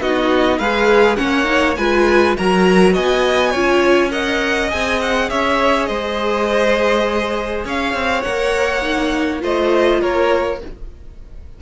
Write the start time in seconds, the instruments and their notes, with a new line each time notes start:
0.00 cello B3, viola D#4, violin F#4 D#5
0.58 cello G#3, viola G#4, violin B4 F5
1.16 cello A#3, viola C#4, violin C#5 F#5
1.44 viola D#4
1.76 cello G#3, viola F4, violin B4 G#5
2.37 cello F#3, viola F#4, violin A#4 A#5
2.94 cello B3, violin D#5 G#5
3.51 cello C#4, viola F4, violin C#5
4.10 viola A#4, violin D#5 F#5
4.69 cello C4, viola G#4, violin G#5
5.01 violin F#5
5.30 cello C#4, violin C#5 E5
5.86 cello G#3, violin C5 D#5
7.64 cello C#4, violin C#5 F5
7.94 cello C4
8.22 cello A#3, viola A#4, violin F#5
8.82 viola D#4
9.40 cello A3, viola F4, violin C5 D#5
10.00 cello A#3, violin A#4 C#5